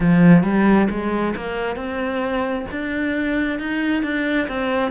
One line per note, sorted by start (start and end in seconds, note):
0.00 0.43 F3
0.43 0.88 G3
0.90 1.34 G#3
1.36 1.75 A#3
1.75 2.65 C4
2.71 3.59 D4
3.59 4.03 D#4
4.03 4.47 D4
4.48 4.91 C4